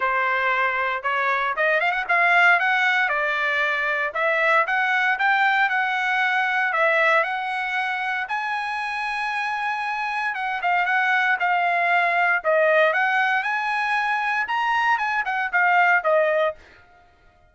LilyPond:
\new Staff \with { instrumentName = "trumpet" } { \time 4/4 \tempo 4 = 116 c''2 cis''4 dis''8 f''16 fis''16 | f''4 fis''4 d''2 | e''4 fis''4 g''4 fis''4~ | fis''4 e''4 fis''2 |
gis''1 | fis''8 f''8 fis''4 f''2 | dis''4 fis''4 gis''2 | ais''4 gis''8 fis''8 f''4 dis''4 | }